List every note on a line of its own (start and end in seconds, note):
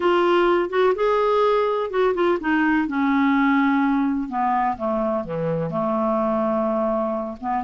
0.00 0.69 F4
0.69 0.93 F#4
0.95 1.90 G#4
1.90 2.14 F#4
2.14 2.38 F4
2.40 2.87 D#4
2.87 4.29 C#4
4.29 4.76 B3
4.77 5.24 A3
5.24 5.70 E3
5.70 7.37 A3
7.40 7.63 B3